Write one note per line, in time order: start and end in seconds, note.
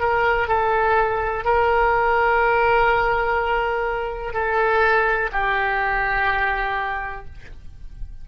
0.00 0.48 A#4
0.48 1.45 A4
1.45 4.33 A#4
4.33 5.30 A4
5.32 7.26 G4